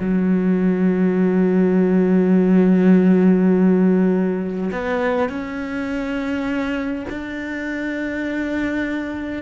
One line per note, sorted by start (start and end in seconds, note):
0.00 4.71 F#3
4.72 5.29 B3
5.29 7.05 C#4
7.10 9.42 D4